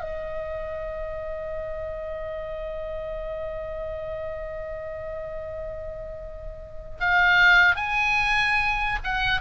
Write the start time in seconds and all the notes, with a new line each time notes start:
0.00 D#5
7.00 F5
7.76 G#5
9.04 F#5